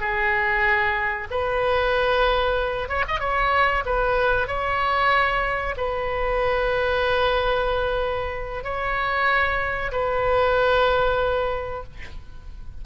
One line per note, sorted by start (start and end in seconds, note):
0.00 1.28 G#4
1.31 2.89 B4
2.89 3.05 C#5
3.08 3.20 D#5
3.20 3.84 C#5
3.85 4.47 B4
4.47 5.75 C#5
5.77 8.63 B4
8.63 9.91 C#5
9.92 11.83 B4